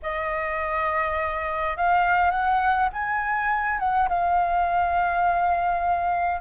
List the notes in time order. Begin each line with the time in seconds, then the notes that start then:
0.02 D#5
1.76 F5
2.31 F#5
2.92 G#5
3.79 F#5
4.09 F5